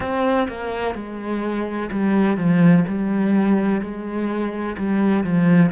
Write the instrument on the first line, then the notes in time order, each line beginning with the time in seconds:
cello
0.00 C4
0.48 A#3
0.94 G#3
1.90 G3
2.36 F3
2.87 G3
3.81 G#3
4.77 G3
5.23 F3